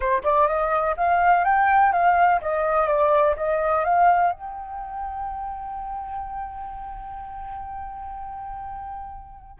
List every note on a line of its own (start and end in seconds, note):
0.00 0.22 C5
0.23 0.47 D5
0.47 0.95 D#5
0.96 1.44 F5
1.44 1.92 G5
1.92 2.40 F5
2.41 2.87 D#5
2.87 3.35 D5
3.36 3.84 D#5
3.84 4.32 F5
4.32 9.59 G5